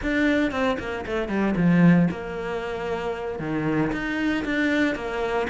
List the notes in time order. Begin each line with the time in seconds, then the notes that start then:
0.02 D4
0.51 C4
0.79 A#3
1.06 A3
1.28 G3
1.56 F3
2.10 A#3
3.39 D#3
3.92 D#4
4.44 D4
4.95 A#3